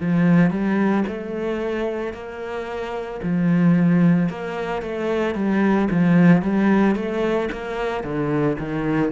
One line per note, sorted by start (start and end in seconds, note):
0.00 0.51 F3
0.51 1.04 G3
1.07 2.13 A3
2.13 3.20 A#3
3.23 4.29 F3
4.29 4.82 A#3
4.82 5.35 A3
5.35 5.88 G3
5.91 6.42 F3
6.42 6.95 G3
6.95 7.49 A3
7.52 8.04 A#3
8.04 8.57 D3
8.59 9.12 D#3